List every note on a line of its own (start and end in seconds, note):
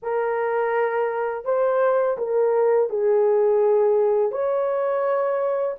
0.02 1.45 A#4
1.45 2.17 C5
2.17 2.89 A#4
2.89 4.31 G#4
4.31 5.76 C#5